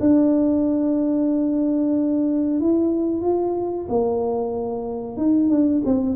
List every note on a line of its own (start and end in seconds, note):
0.00 2.60 D4
2.60 3.22 E4
3.22 3.87 F4
3.89 5.17 A#3
5.17 5.50 D#4
5.50 5.83 D4
5.85 6.16 C4